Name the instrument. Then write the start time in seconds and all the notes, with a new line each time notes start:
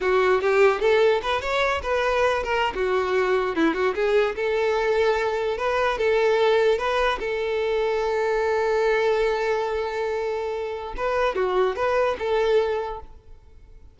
violin
0.00 F#4
0.41 G4
0.80 A4
1.22 B4
1.41 C#5
1.82 B4
2.43 A#4
2.74 F#4
3.55 E4
3.74 F#4
3.94 G#4
4.35 A4
5.57 B4
5.98 A4
6.78 B4
7.19 A4
10.96 B4
11.35 F#4
11.76 B4
12.19 A4